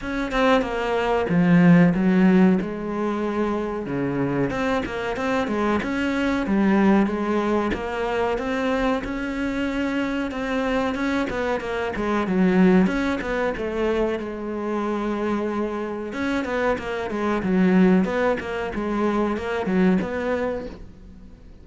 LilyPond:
\new Staff \with { instrumentName = "cello" } { \time 4/4 \tempo 4 = 93 cis'8 c'8 ais4 f4 fis4 | gis2 cis4 c'8 ais8 | c'8 gis8 cis'4 g4 gis4 | ais4 c'4 cis'2 |
c'4 cis'8 b8 ais8 gis8 fis4 | cis'8 b8 a4 gis2~ | gis4 cis'8 b8 ais8 gis8 fis4 | b8 ais8 gis4 ais8 fis8 b4 | }